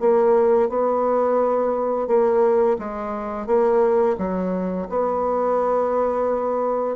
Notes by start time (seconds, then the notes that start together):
0.00 A#3
0.69 B3
2.08 A#3
2.79 G#3
3.47 A#3
4.18 F#3
4.90 B3